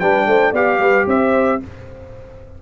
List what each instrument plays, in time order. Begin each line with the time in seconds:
0.00 tuba G3, trombone D4, horn B4, trumpet G5
0.26 tuba A3, horn C5
0.52 tuba B3, trombone G4, horn D5, trumpet F5
0.79 tuba G3, horn B4
1.07 tuba C4, horn C5, trumpet E5